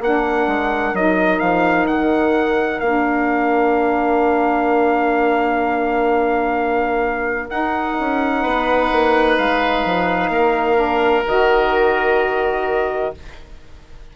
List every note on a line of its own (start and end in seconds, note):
0.00 0.47 A#3
0.00 0.96 D4
0.00 8.42 A#4
0.00 0.96 F#5
0.47 0.93 G#3
0.93 1.40 F#3
0.93 2.83 D#4
0.93 1.39 D#5
1.39 1.87 F3
1.39 1.86 F5
1.87 2.81 D#3
1.87 2.80 F#5
2.80 7.50 A#3
2.80 7.49 D4
2.80 7.48 F5
7.49 10.76 D#4
7.49 7.97 D#4
7.49 9.38 F#5
8.00 8.45 C#4
8.42 8.92 B3
8.42 10.30 B4
8.92 9.38 A#3
9.38 9.85 G#3
9.38 11.26 F5
9.85 10.29 F3
10.29 11.23 A#3
10.29 13.13 A#4
10.76 11.22 D4
11.26 13.14 D#3
11.26 13.14 F#4
11.26 13.16 D#5